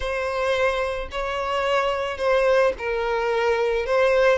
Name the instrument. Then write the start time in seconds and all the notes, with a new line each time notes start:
violin
0.00 C5
1.11 C#5
2.17 C5
2.78 A#4
3.86 C5